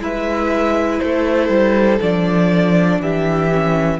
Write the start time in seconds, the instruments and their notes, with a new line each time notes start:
0.00 cello G#3, viola E4, violin B4 E5
1.00 cello A3, violin A4 C5
1.49 cello G3
2.01 cello F3, viola D4, violin D5
3.00 cello E3, violin G4 E5
3.52 viola C#4